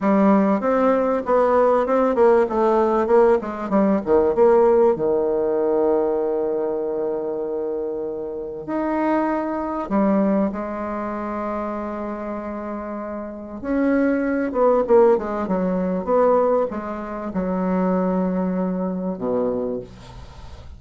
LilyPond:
\new Staff \with { instrumentName = "bassoon" } { \time 4/4 \tempo 4 = 97 g4 c'4 b4 c'8 ais8 | a4 ais8 gis8 g8 dis8 ais4 | dis1~ | dis2 dis'2 |
g4 gis2.~ | gis2 cis'4. b8 | ais8 gis8 fis4 b4 gis4 | fis2. b,4 | }